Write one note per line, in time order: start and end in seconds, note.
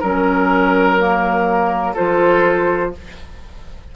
0.00 1.96 F#3
0.00 0.98 C#4
0.00 1.94 A#4
0.00 1.95 A#4
0.98 1.95 A#3
1.94 2.96 F3
1.94 2.92 F4
1.94 2.91 A4
1.94 2.93 C5